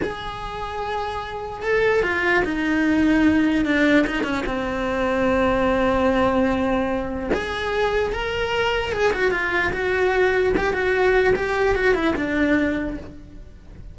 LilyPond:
\new Staff \with { instrumentName = "cello" } { \time 4/4 \tempo 4 = 148 gis'1 | a'4 f'4 dis'2~ | dis'4 d'4 dis'8 cis'8 c'4~ | c'1~ |
c'2 gis'2 | ais'2 gis'8 fis'8 f'4 | fis'2 g'8 fis'4. | g'4 fis'8 e'8 d'2 | }